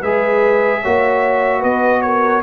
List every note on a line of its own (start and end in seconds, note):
0.00 0.82 G#3
0.00 0.84 G#4
0.00 0.80 B4
0.00 1.62 E5
0.81 1.63 A#3
0.81 2.43 F#4
0.81 1.60 C#5
1.60 2.43 B3
1.60 2.00 B4
1.60 2.01 D#5
2.01 2.43 A#4
2.01 2.41 C#5